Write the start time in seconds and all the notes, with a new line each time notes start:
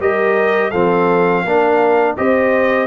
0.00 G3 G4 A#4 D#5
0.71 F3 C4 A4 F5
1.44 A#3 D4 A#4
2.17 C4 G4 C5 D#5